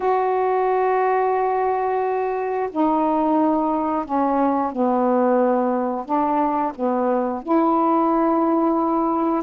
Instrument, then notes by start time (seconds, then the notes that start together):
saxophone
0.00 F#4
2.71 D#4
4.04 C#4
4.72 B3
6.05 D4
6.75 B3
7.42 E4